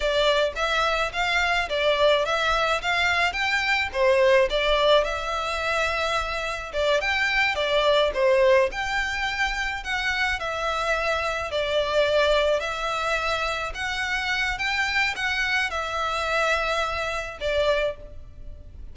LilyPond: \new Staff \with { instrumentName = "violin" } { \time 4/4 \tempo 4 = 107 d''4 e''4 f''4 d''4 | e''4 f''4 g''4 c''4 | d''4 e''2. | d''8 g''4 d''4 c''4 g''8~ |
g''4. fis''4 e''4.~ | e''8 d''2 e''4.~ | e''8 fis''4. g''4 fis''4 | e''2. d''4 | }